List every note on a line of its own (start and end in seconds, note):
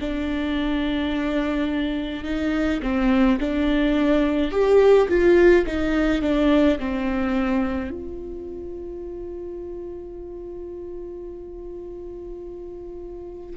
0.00 2.24 D4
2.24 2.80 D#4
2.83 3.39 C4
3.40 4.52 D4
4.52 5.08 G4
5.09 5.66 F4
5.66 6.22 D#4
6.22 6.79 D4
6.79 7.91 C4
7.91 13.57 F4